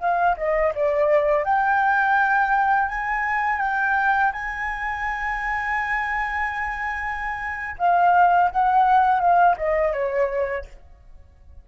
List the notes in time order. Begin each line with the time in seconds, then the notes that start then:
0.00 F5
0.37 D#5
0.75 D5
1.44 G5
2.88 G#5
3.59 G5
4.32 G#5
7.78 F5
8.51 F#5
9.20 F5
9.57 D#5
9.93 C#5